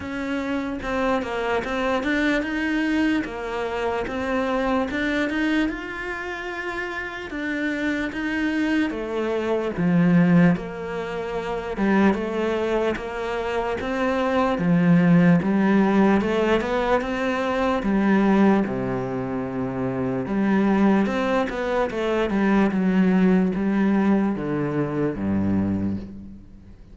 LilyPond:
\new Staff \with { instrumentName = "cello" } { \time 4/4 \tempo 4 = 74 cis'4 c'8 ais8 c'8 d'8 dis'4 | ais4 c'4 d'8 dis'8 f'4~ | f'4 d'4 dis'4 a4 | f4 ais4. g8 a4 |
ais4 c'4 f4 g4 | a8 b8 c'4 g4 c4~ | c4 g4 c'8 b8 a8 g8 | fis4 g4 d4 g,4 | }